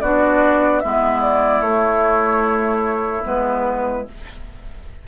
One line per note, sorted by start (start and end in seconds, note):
0.00 0.82 B3
0.00 0.82 D4
0.00 0.83 F#4
0.00 0.80 D5
0.80 1.60 G#3
0.80 1.63 B3
0.80 4.07 E4
0.80 1.20 E5
1.21 1.61 D5
1.60 3.23 A3
1.60 3.23 C#5
3.23 4.07 G#3
3.23 4.04 B3
3.23 4.07 B4